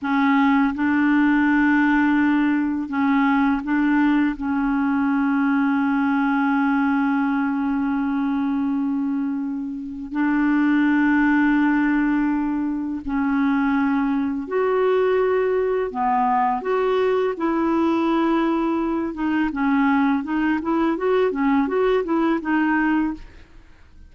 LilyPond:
\new Staff \with { instrumentName = "clarinet" } { \time 4/4 \tempo 4 = 83 cis'4 d'2. | cis'4 d'4 cis'2~ | cis'1~ | cis'2 d'2~ |
d'2 cis'2 | fis'2 b4 fis'4 | e'2~ e'8 dis'8 cis'4 | dis'8 e'8 fis'8 cis'8 fis'8 e'8 dis'4 | }